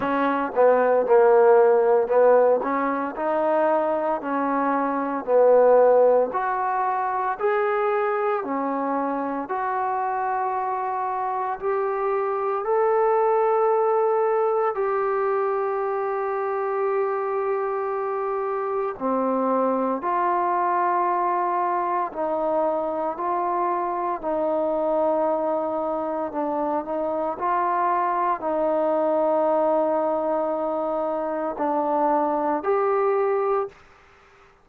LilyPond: \new Staff \with { instrumentName = "trombone" } { \time 4/4 \tempo 4 = 57 cis'8 b8 ais4 b8 cis'8 dis'4 | cis'4 b4 fis'4 gis'4 | cis'4 fis'2 g'4 | a'2 g'2~ |
g'2 c'4 f'4~ | f'4 dis'4 f'4 dis'4~ | dis'4 d'8 dis'8 f'4 dis'4~ | dis'2 d'4 g'4 | }